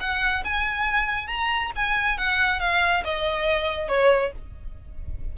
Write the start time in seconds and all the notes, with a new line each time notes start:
0.00 F#5
0.44 G#5
1.27 A#5
1.75 G#5
2.17 F#5
2.60 F5
3.04 D#5
3.88 C#5